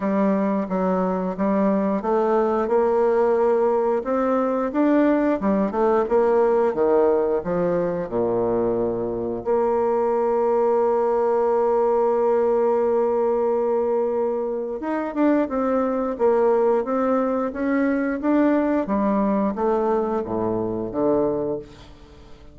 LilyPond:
\new Staff \with { instrumentName = "bassoon" } { \time 4/4 \tempo 4 = 89 g4 fis4 g4 a4 | ais2 c'4 d'4 | g8 a8 ais4 dis4 f4 | ais,2 ais2~ |
ais1~ | ais2 dis'8 d'8 c'4 | ais4 c'4 cis'4 d'4 | g4 a4 a,4 d4 | }